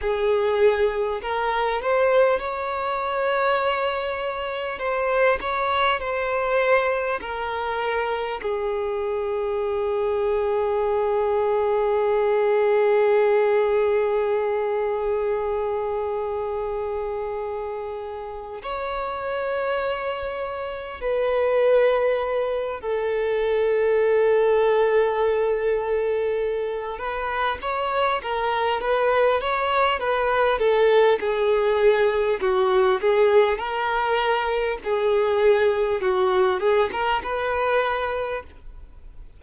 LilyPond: \new Staff \with { instrumentName = "violin" } { \time 4/4 \tempo 4 = 50 gis'4 ais'8 c''8 cis''2 | c''8 cis''8 c''4 ais'4 gis'4~ | gis'1~ | gis'2.~ gis'8 cis''8~ |
cis''4. b'4. a'4~ | a'2~ a'8 b'8 cis''8 ais'8 | b'8 cis''8 b'8 a'8 gis'4 fis'8 gis'8 | ais'4 gis'4 fis'8 gis'16 ais'16 b'4 | }